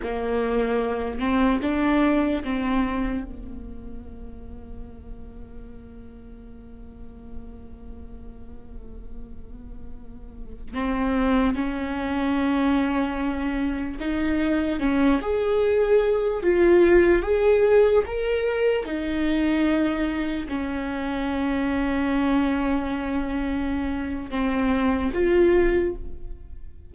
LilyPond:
\new Staff \with { instrumentName = "viola" } { \time 4/4 \tempo 4 = 74 ais4. c'8 d'4 c'4 | ais1~ | ais1~ | ais4~ ais16 c'4 cis'4.~ cis'16~ |
cis'4~ cis'16 dis'4 cis'8 gis'4~ gis'16~ | gis'16 f'4 gis'4 ais'4 dis'8.~ | dis'4~ dis'16 cis'2~ cis'8.~ | cis'2 c'4 f'4 | }